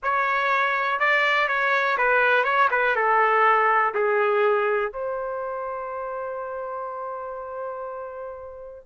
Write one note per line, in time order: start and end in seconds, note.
0.02 0.99 C#5
0.99 1.48 D5
1.48 1.97 C#5
1.97 2.43 B4
2.43 2.68 C#5
2.70 2.95 B4
2.95 3.94 A4
3.94 4.92 G#4
4.92 8.85 C5